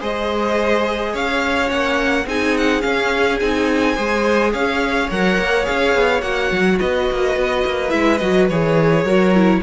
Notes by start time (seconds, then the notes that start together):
0.00 G#3 G#4 C5 D#5
1.13 C#4 C#5 F5
1.66 A#3 C#4 F#5
2.26 C4 D#4 G#4 G#5
2.57 F#5
2.81 C#4 F5
3.40 C4 D#4 G#5
3.95 G#3 G#4 C5
4.53 C#4 C#5 F5
5.10 F#3 A#4 F#5
5.38 A#3
5.63 G#4 F5
5.69 C#4
5.95 B3
6.21 A#3 F#4 F#5
6.51 F#3
6.80 B3 B4 D#5
7.11 A#3
7.36 B3
7.65 A#3
7.89 G#3 E4 E5
8.17 F#3 F#4 D#5
8.50 E3 G#4 C#5
9.04 F#3 F#4 A#4
9.35 E4